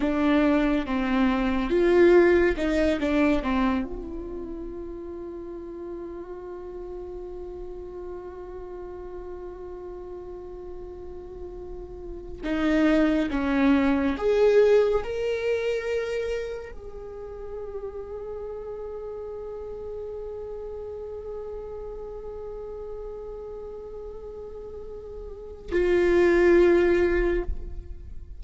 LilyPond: \new Staff \with { instrumentName = "viola" } { \time 4/4 \tempo 4 = 70 d'4 c'4 f'4 dis'8 d'8 | c'8 f'2.~ f'8~ | f'1~ | f'2~ f'8 dis'4 cis'8~ |
cis'8 gis'4 ais'2 gis'8~ | gis'1~ | gis'1~ | gis'2 f'2 | }